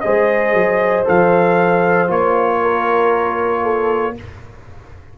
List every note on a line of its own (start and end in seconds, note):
0.00 0.53 G#3
0.00 1.05 G#4
0.00 2.61 C5
0.00 1.03 D#5
0.53 1.05 F#3
1.05 2.09 F3
1.05 2.07 A4
1.05 2.11 F5
2.07 4.16 A#3
2.07 4.14 F4
2.07 4.17 C#5
2.61 3.63 A#4
3.63 4.14 A4